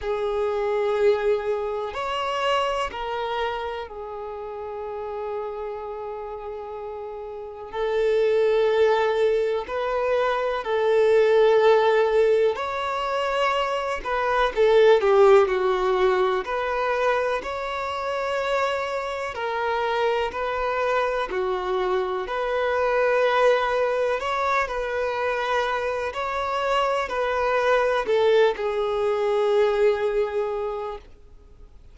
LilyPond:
\new Staff \with { instrumentName = "violin" } { \time 4/4 \tempo 4 = 62 gis'2 cis''4 ais'4 | gis'1 | a'2 b'4 a'4~ | a'4 cis''4. b'8 a'8 g'8 |
fis'4 b'4 cis''2 | ais'4 b'4 fis'4 b'4~ | b'4 cis''8 b'4. cis''4 | b'4 a'8 gis'2~ gis'8 | }